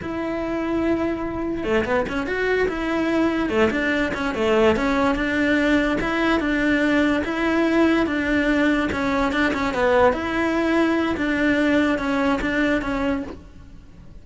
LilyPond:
\new Staff \with { instrumentName = "cello" } { \time 4/4 \tempo 4 = 145 e'1 | a8 b8 cis'8 fis'4 e'4.~ | e'8 a8 d'4 cis'8 a4 cis'8~ | cis'8 d'2 e'4 d'8~ |
d'4. e'2 d'8~ | d'4. cis'4 d'8 cis'8 b8~ | b8 e'2~ e'8 d'4~ | d'4 cis'4 d'4 cis'4 | }